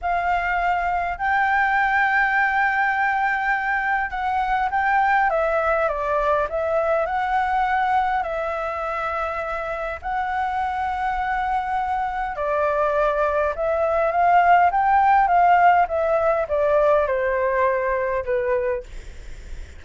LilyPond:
\new Staff \with { instrumentName = "flute" } { \time 4/4 \tempo 4 = 102 f''2 g''2~ | g''2. fis''4 | g''4 e''4 d''4 e''4 | fis''2 e''2~ |
e''4 fis''2.~ | fis''4 d''2 e''4 | f''4 g''4 f''4 e''4 | d''4 c''2 b'4 | }